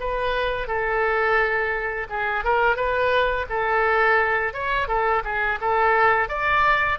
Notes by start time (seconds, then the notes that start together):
0.00 B4
0.67 A4
2.10 G#4
2.45 A#4
2.76 B4
3.49 A4
4.53 C#5
4.88 A4
5.24 G#4
5.61 A4
6.29 D5